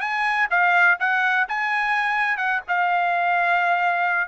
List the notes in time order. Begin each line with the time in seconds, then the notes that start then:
0.00 G#5
0.50 F5
0.99 F#5
1.48 G#5
2.37 F#5
2.68 F5